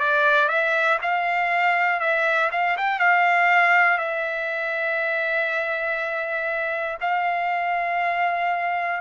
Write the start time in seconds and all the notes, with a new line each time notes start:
0.00 D5
0.48 E5
1.02 F5
2.00 E5
2.52 F5
2.77 G5
2.99 F5
3.98 E5
7.01 F5